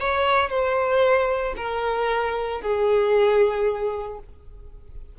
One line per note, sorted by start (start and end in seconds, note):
0.00 0.49 C#5
0.49 1.55 C5
1.57 2.61 A#4
2.61 4.19 G#4